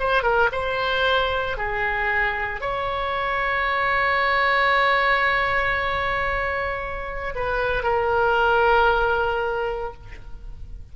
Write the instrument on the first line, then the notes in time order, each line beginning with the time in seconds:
oboe
0.00 C5
0.23 A#4
0.53 C5
1.57 G#4
2.61 C#5
7.35 B4
7.84 A#4